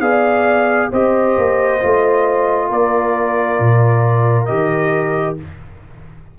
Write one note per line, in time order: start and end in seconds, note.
0.00 0.90 B3
0.00 0.91 G#4
0.00 0.90 D5
0.00 0.90 F5
0.90 1.37 C4
0.90 1.80 G4
0.90 2.69 C5
0.90 2.72 D#5
1.37 1.82 A#3
1.80 2.70 A3
1.80 4.48 F4
2.69 3.59 A#3
2.69 5.38 A#4
2.69 4.45 D5
3.59 4.49 A#2
4.45 5.39 D#3
4.45 5.37 G4
4.45 5.35 D#5